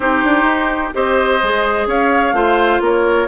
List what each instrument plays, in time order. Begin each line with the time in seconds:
0.00 bassoon C4, clarinet D#4, oboe G4, flute C5
0.24 bassoon D4
0.43 bassoon D#4
0.93 bassoon C4, clarinet G4, oboe C5, flute D#5
1.42 bassoon G#3, clarinet G#4
1.86 bassoon C#4, oboe C#5, flute F5
2.32 bassoon A3, clarinet F4, oboe C5
2.80 bassoon A#3, oboe A#4, flute C#5